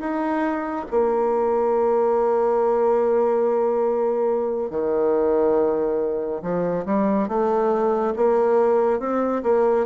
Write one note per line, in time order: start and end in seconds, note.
0.00 0.86 D#4
0.91 4.71 A#3
4.71 6.42 D#3
6.42 6.85 F3
6.86 7.28 G3
7.28 8.14 A3
8.16 9.00 A#3
9.00 9.42 C4
9.43 9.86 A#3